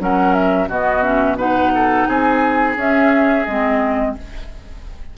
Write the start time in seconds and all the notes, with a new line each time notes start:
0.00 F#3 C#4 A#4 F#5
0.34 E5
0.68 B2 B3 F#4 D#5
1.03 C#4 E5
1.38 D#4 B4 F#5
1.75 A4
2.07 C4 G#4 G#5
2.76 C#4 E5
3.46 G#3 C4 D#5